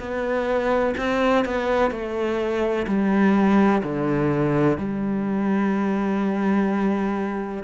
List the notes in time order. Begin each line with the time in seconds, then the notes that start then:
0.00 B3
0.98 C4
1.45 B3
1.91 A3
2.87 G3
3.84 D3
4.78 G3